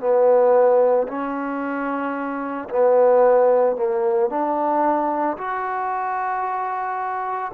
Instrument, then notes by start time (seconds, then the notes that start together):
trombone
0.00 B3
1.08 C#4
2.69 B3
3.76 A#3
4.30 D4
5.38 F#4